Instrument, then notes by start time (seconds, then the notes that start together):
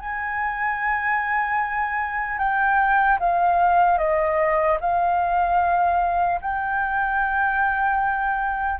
flute
0.00 G#5
2.38 G5
3.20 F5
3.98 D#5
4.80 F5
6.41 G5